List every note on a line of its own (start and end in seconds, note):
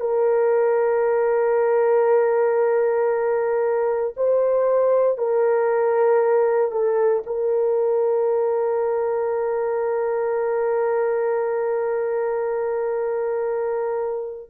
0.00 4.14 A#4
4.16 5.17 C5
5.17 6.71 A#4
6.71 7.23 A4
7.26 14.50 A#4